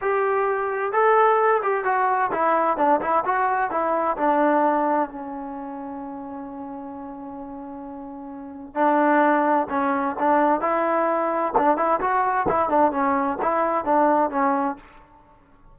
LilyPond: \new Staff \with { instrumentName = "trombone" } { \time 4/4 \tempo 4 = 130 g'2 a'4. g'8 | fis'4 e'4 d'8 e'8 fis'4 | e'4 d'2 cis'4~ | cis'1~ |
cis'2. d'4~ | d'4 cis'4 d'4 e'4~ | e'4 d'8 e'8 fis'4 e'8 d'8 | cis'4 e'4 d'4 cis'4 | }